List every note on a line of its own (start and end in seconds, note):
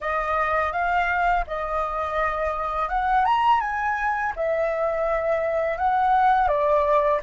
0.00 0.72 D#5
0.72 1.45 F5
1.47 2.88 D#5
2.88 3.25 F#5
3.25 3.60 A#5
3.60 4.32 G#5
4.35 5.77 E5
5.77 6.48 F#5
6.48 7.20 D5